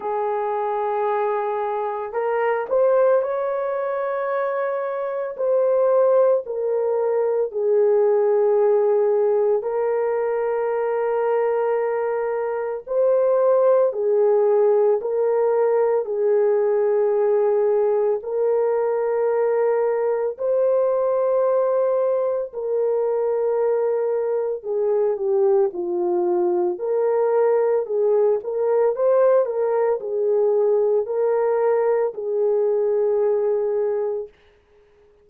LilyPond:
\new Staff \with { instrumentName = "horn" } { \time 4/4 \tempo 4 = 56 gis'2 ais'8 c''8 cis''4~ | cis''4 c''4 ais'4 gis'4~ | gis'4 ais'2. | c''4 gis'4 ais'4 gis'4~ |
gis'4 ais'2 c''4~ | c''4 ais'2 gis'8 g'8 | f'4 ais'4 gis'8 ais'8 c''8 ais'8 | gis'4 ais'4 gis'2 | }